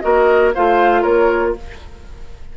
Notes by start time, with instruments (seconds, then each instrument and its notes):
0.00 bassoon A#3, clarinet F#4, oboe A#4, flute D#5
0.54 bassoon A3, clarinet F4, oboe C5, flute F5
1.01 bassoon A#3, oboe A#4, flute C#5